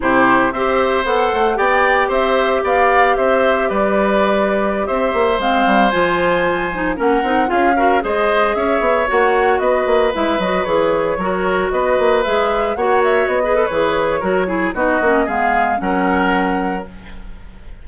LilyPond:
<<
  \new Staff \with { instrumentName = "flute" } { \time 4/4 \tempo 4 = 114 c''4 e''4 fis''4 g''4 | e''4 f''4 e''4 d''4~ | d''4~ d''16 e''4 f''4 gis''8.~ | gis''4~ gis''16 fis''4 f''4 dis''8.~ |
dis''16 e''4 fis''4 dis''4 e''8 dis''16~ | dis''16 cis''2 dis''4 e''8.~ | e''16 fis''8 e''8 dis''8. cis''2 | dis''4 f''4 fis''2 | }
  \new Staff \with { instrumentName = "oboe" } { \time 4/4 g'4 c''2 d''4 | c''4 d''4 c''4 b'4~ | b'4~ b'16 c''2~ c''8.~ | c''4~ c''16 ais'4 gis'8 ais'8 c''8.~ |
c''16 cis''2 b'4.~ b'16~ | b'4~ b'16 ais'4 b'4.~ b'16~ | b'16 cis''4~ cis''16 b'4. ais'8 gis'8 | fis'4 gis'4 ais'2 | }
  \new Staff \with { instrumentName = "clarinet" } { \time 4/4 e'4 g'4 a'4 g'4~ | g'1~ | g'2~ g'16 c'4 f'8.~ | f'8. dis'8 cis'8 dis'8 f'8 fis'8 gis'8.~ |
gis'4~ gis'16 fis'2 e'8 fis'16~ | fis'16 gis'4 fis'2 gis'8.~ | gis'16 fis'4~ fis'16 gis'16 a'16 gis'4 fis'8 e'8 | dis'8 cis'8 b4 cis'2 | }
  \new Staff \with { instrumentName = "bassoon" } { \time 4/4 c4 c'4 b8 a8 b4 | c'4 b4 c'4 g4~ | g4~ g16 c'8 ais8 gis8 g8 f8.~ | f4~ f16 ais8 c'8 cis'4 gis8.~ |
gis16 cis'8 b8 ais4 b8 ais8 gis8 fis16~ | fis16 e4 fis4 b8 ais8 gis8.~ | gis16 ais4 b8. e4 fis4 | b8 ais8 gis4 fis2 | }
>>